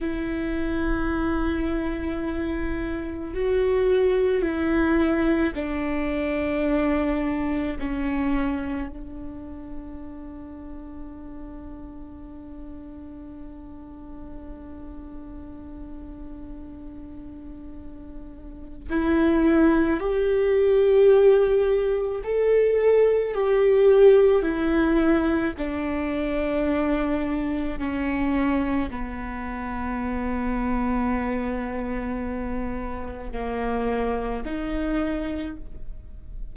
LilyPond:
\new Staff \with { instrumentName = "viola" } { \time 4/4 \tempo 4 = 54 e'2. fis'4 | e'4 d'2 cis'4 | d'1~ | d'1~ |
d'4 e'4 g'2 | a'4 g'4 e'4 d'4~ | d'4 cis'4 b2~ | b2 ais4 dis'4 | }